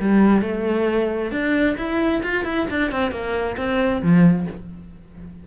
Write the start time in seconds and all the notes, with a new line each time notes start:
0.00 G3
0.42 A3
1.31 D4
1.77 E4
2.23 F4
2.45 E4
2.70 D4
2.92 C4
3.11 A#3
3.57 C4
4.02 F3